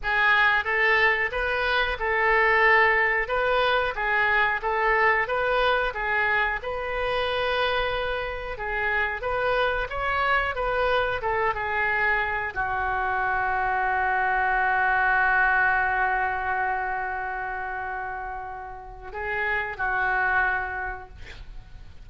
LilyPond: \new Staff \with { instrumentName = "oboe" } { \time 4/4 \tempo 4 = 91 gis'4 a'4 b'4 a'4~ | a'4 b'4 gis'4 a'4 | b'4 gis'4 b'2~ | b'4 gis'4 b'4 cis''4 |
b'4 a'8 gis'4. fis'4~ | fis'1~ | fis'1~ | fis'4 gis'4 fis'2 | }